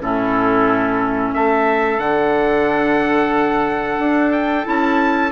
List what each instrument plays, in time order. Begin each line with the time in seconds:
0.00 bassoon A2, clarinet C#4, oboe E4, trumpet A4
1.33 bassoon A3, oboe A4, trumpet E5
1.98 bassoon D3, clarinet D4, trumpet F#5
3.99 bassoon D4
4.32 trumpet G5
4.64 bassoon C#4, clarinet E4, trumpet A5